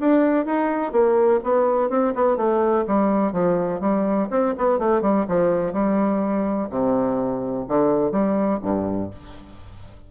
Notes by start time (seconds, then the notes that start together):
0.00 D4
0.45 D#4
0.92 A#3
1.44 B3
1.90 C4
2.15 B3
2.37 A3
2.87 G3
3.32 F3
3.81 G3
4.31 C4
4.58 B3
4.79 A3
5.02 G3
5.28 F3
5.73 G3
6.70 C3
7.68 D3
8.11 G3
8.62 G2